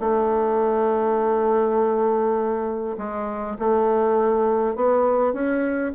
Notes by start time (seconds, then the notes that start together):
0.00 A3
2.98 G#3
3.59 A3
4.75 B3
5.33 C#4